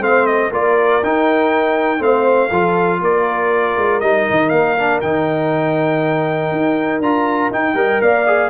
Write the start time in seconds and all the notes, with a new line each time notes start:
0.00 A3 C4 C5 F5
0.26 D#5
0.51 A#3 F4 A#4 D5
1.03 D#4 G5
1.99 A3 C4 C5 F5
2.49 F3 F4 A4
3.01 A#3 A#4 D5
3.76 G#3
4.00 G3 D#4 D#5
4.30 D#3
4.49 A#3 F5
4.78 D4
5.01 D#3 D#4 G5
6.51 D#4
6.99 D4 F4 A#5
7.50 D#4 G5
7.74 G3 A#4 D#5
8.01 A#3 D5 F5
8.26 G#4